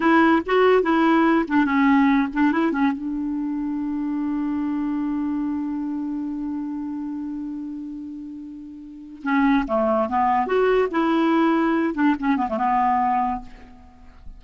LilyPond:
\new Staff \with { instrumentName = "clarinet" } { \time 4/4 \tempo 4 = 143 e'4 fis'4 e'4. d'8 | cis'4. d'8 e'8 cis'8 d'4~ | d'1~ | d'1~ |
d'1~ | d'2 cis'4 a4 | b4 fis'4 e'2~ | e'8 d'8 cis'8 b16 a16 b2 | }